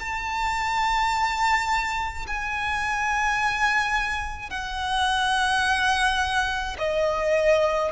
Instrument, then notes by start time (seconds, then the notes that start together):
violin
0.00 A5
2.27 G#5
4.50 F#5
6.79 D#5